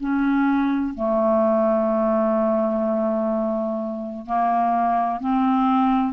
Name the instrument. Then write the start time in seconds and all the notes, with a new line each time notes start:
clarinet
0.00 C#4
0.95 A3
4.26 A#3
5.20 C4